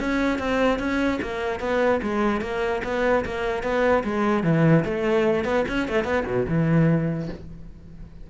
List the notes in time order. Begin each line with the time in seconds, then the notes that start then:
0.00 C#4
0.39 C4
0.79 C#4
1.22 A#3
1.60 B3
2.02 G#3
2.41 A#3
2.84 B3
3.25 A#3
3.63 B3
4.04 G#3
4.44 E3
4.85 A3
5.45 B3
5.68 C#4
5.88 A3
6.04 B3
6.26 B2
6.48 E3